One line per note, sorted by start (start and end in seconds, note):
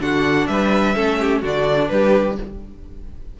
0.00 0.47 D3
0.00 0.95 D4
0.00 0.49 F#4
0.00 0.47 F#5
0.47 0.95 G3
0.47 0.95 B4
0.47 1.41 E5
0.95 1.43 A3
0.95 1.42 C#4
0.95 1.19 A4
1.20 1.41 G4
1.41 1.90 D3
1.41 2.38 D4
1.41 1.89 F#4
1.41 1.89 D5
1.89 2.38 G3
1.89 2.40 G4
1.89 2.36 B4